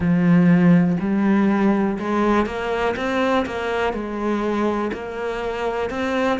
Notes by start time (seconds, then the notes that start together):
0.00 F3
1.00 G3
1.99 G#3
2.46 A#3
2.96 C4
3.46 A#3
3.93 G#3
4.92 A#3
5.90 C4